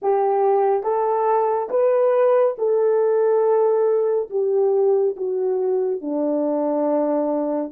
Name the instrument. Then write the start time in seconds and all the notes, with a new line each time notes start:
horn
0.02 G4
0.83 A4
1.69 B4
2.58 A4
4.30 G4
5.16 F#4
6.01 D4